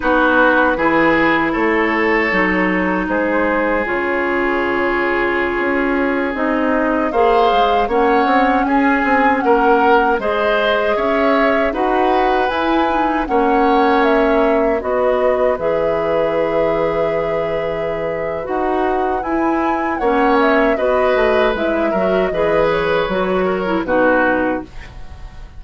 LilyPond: <<
  \new Staff \with { instrumentName = "flute" } { \time 4/4 \tempo 4 = 78 b'2 cis''2 | c''4 cis''2.~ | cis''16 dis''4 f''4 fis''4 gis''8.~ | gis''16 fis''4 dis''4 e''4 fis''8.~ |
fis''16 gis''4 fis''4 e''4 dis''8.~ | dis''16 e''2.~ e''8. | fis''4 gis''4 fis''8 e''8 dis''4 | e''4 dis''8 cis''4. b'4 | }
  \new Staff \with { instrumentName = "oboe" } { \time 4/4 fis'4 gis'4 a'2 | gis'1~ | gis'4~ gis'16 c''4 cis''4 gis'8.~ | gis'16 ais'4 c''4 cis''4 b'8.~ |
b'4~ b'16 cis''2 b'8.~ | b'1~ | b'2 cis''4 b'4~ | b'8 ais'8 b'4. ais'8 fis'4 | }
  \new Staff \with { instrumentName = "clarinet" } { \time 4/4 dis'4 e'2 dis'4~ | dis'4 f'2.~ | f'16 dis'4 gis'4 cis'4.~ cis'16~ | cis'4~ cis'16 gis'2 fis'8.~ |
fis'16 e'8 dis'8 cis'2 fis'8.~ | fis'16 gis'2.~ gis'8. | fis'4 e'4 cis'4 fis'4 | e'8 fis'8 gis'4 fis'8. e'16 dis'4 | }
  \new Staff \with { instrumentName = "bassoon" } { \time 4/4 b4 e4 a4 fis4 | gis4 cis2~ cis16 cis'8.~ | cis'16 c'4 ais8 gis8 ais8 c'8 cis'8 c'16~ | c'16 ais4 gis4 cis'4 dis'8.~ |
dis'16 e'4 ais2 b8.~ | b16 e2.~ e8. | dis'4 e'4 ais4 b8 a8 | gis8 fis8 e4 fis4 b,4 | }
>>